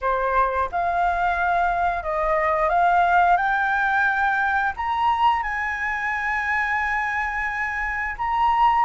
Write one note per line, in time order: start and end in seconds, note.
0.01 0.69 C5
0.71 2.03 F5
2.03 2.69 D#5
2.69 3.37 F5
3.37 4.73 G5
4.76 5.42 A#5
5.42 8.15 G#5
8.18 8.85 A#5